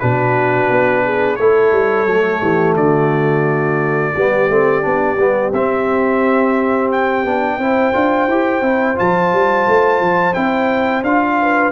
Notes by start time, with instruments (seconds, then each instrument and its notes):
0.00 tuba B2, trombone D4, horn F#4, trumpet B4
0.70 tuba B3
1.05 horn G#4
1.36 tuba A3, trombone E4, horn A4, trumpet C#5
1.72 tuba G3
2.06 tuba F#3, trombone A3
2.42 tuba E3, horn G4
2.76 tuba D3, horn F#4, trumpet D5
4.14 tuba G3, trombone B3, horn G4
4.49 tuba A3, trombone C4
4.82 tuba B3, trombone D4
5.17 tuba G3, trombone B3
5.53 tuba C4, trombone C4, trumpet E5
6.92 trumpet G5
7.25 tuba B3, trombone D4
7.58 tuba C4, trombone E4, horn C5
7.94 tuba D4, trombone F4
8.28 tuba E4, trombone G4
8.62 tuba C4, trombone E4
8.96 tuba F3, trombone F4, trumpet A5
9.33 tuba G3
9.68 tuba A3
10.01 tuba F3
10.34 tuba C4, trombone E4, trumpet G5
11.03 tuba D4, trombone F4, trumpet F5
11.42 horn B4